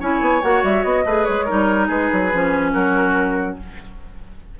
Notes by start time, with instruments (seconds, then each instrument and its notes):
0.00 bassoon C#4, clarinet E4, oboe C#5, flute G#5
0.21 bassoon B3
0.42 bassoon A#3, clarinet F#4, flute F#5
0.64 bassoon G3, flute E5
0.84 bassoon B3, flute D#5
1.05 bassoon A3, clarinet G#4, oboe B4
1.25 bassoon G#3, flute C#5
1.45 bassoon G3, clarinet D#4, oboe A#4
1.87 bassoon G#3, oboe G#4, flute B4
2.12 bassoon F#3
2.33 bassoon F3, clarinet C#4
2.73 bassoon F#3, oboe F#4, flute A#4